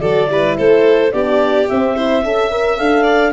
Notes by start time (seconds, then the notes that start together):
0.00 F#3 F#4 A4 D5
0.27 G3 E4 B4
0.57 A3 A4 C5
1.12 B3 D4 G4 D5
1.68 C4 E5
1.95 E4 C5
2.24 C#4 A4 E5
2.51 A#4
2.77 D4 A4 F5
3.03 D5